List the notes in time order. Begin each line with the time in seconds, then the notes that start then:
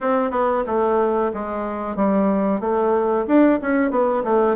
0.00 C4
0.31 B3
0.66 A3
1.33 G#3
1.96 G3
2.60 A3
3.27 D4
3.61 C#4
3.90 B3
4.24 A3